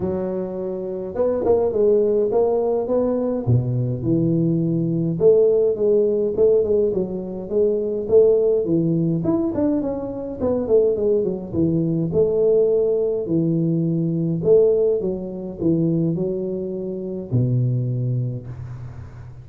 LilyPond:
\new Staff \with { instrumentName = "tuba" } { \time 4/4 \tempo 4 = 104 fis2 b8 ais8 gis4 | ais4 b4 b,4 e4~ | e4 a4 gis4 a8 gis8 | fis4 gis4 a4 e4 |
e'8 d'8 cis'4 b8 a8 gis8 fis8 | e4 a2 e4~ | e4 a4 fis4 e4 | fis2 b,2 | }